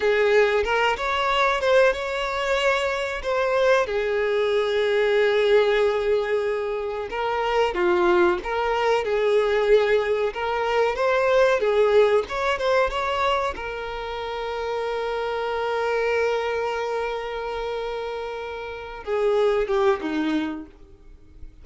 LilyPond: \new Staff \with { instrumentName = "violin" } { \time 4/4 \tempo 4 = 93 gis'4 ais'8 cis''4 c''8 cis''4~ | cis''4 c''4 gis'2~ | gis'2. ais'4 | f'4 ais'4 gis'2 |
ais'4 c''4 gis'4 cis''8 c''8 | cis''4 ais'2.~ | ais'1~ | ais'4. gis'4 g'8 dis'4 | }